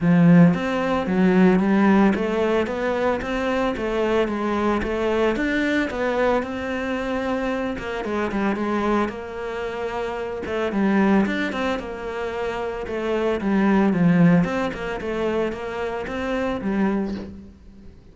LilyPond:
\new Staff \with { instrumentName = "cello" } { \time 4/4 \tempo 4 = 112 f4 c'4 fis4 g4 | a4 b4 c'4 a4 | gis4 a4 d'4 b4 | c'2~ c'8 ais8 gis8 g8 |
gis4 ais2~ ais8 a8 | g4 d'8 c'8 ais2 | a4 g4 f4 c'8 ais8 | a4 ais4 c'4 g4 | }